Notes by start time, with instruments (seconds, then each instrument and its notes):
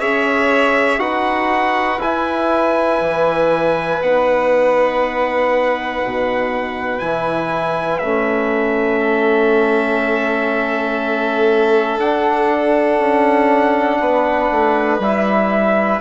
0.00 bassoon C#4, trombone G#4, violin C#5, trumpet E5
0.98 bassoon D#4, trombone F#4, violin B4, trumpet F#5
1.98 bassoon E4, trombone E4, trumpet G#5
3.01 bassoon E3
4.01 bassoon B3, trombone D#4, trumpet F#5
6.04 bassoon B2
6.99 bassoon E3, trombone E4, trumpet G#5
7.98 bassoon A3, trombone C#4, trumpet E5
8.99 violin A4
11.98 bassoon D4, trombone D4, trumpet F#5
12.98 bassoon C#4
14.00 bassoon B3, violin B4
14.50 bassoon A3
14.99 bassoon G3, trombone E4, trumpet E5